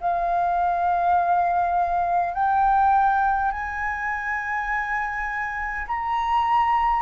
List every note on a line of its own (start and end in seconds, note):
0.00 2.34 F5
2.34 3.51 G5
3.51 5.87 G#5
5.88 7.02 A#5